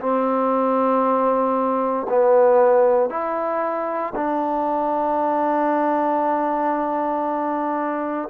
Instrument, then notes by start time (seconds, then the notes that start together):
trombone
0.00 C4
2.10 B3
3.10 E4
4.16 D4